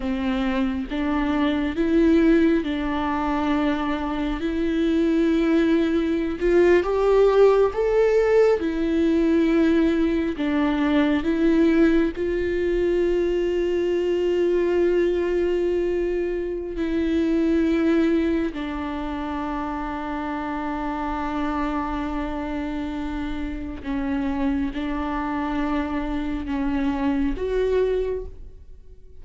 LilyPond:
\new Staff \with { instrumentName = "viola" } { \time 4/4 \tempo 4 = 68 c'4 d'4 e'4 d'4~ | d'4 e'2~ e'16 f'8 g'16~ | g'8. a'4 e'2 d'16~ | d'8. e'4 f'2~ f'16~ |
f'2. e'4~ | e'4 d'2.~ | d'2. cis'4 | d'2 cis'4 fis'4 | }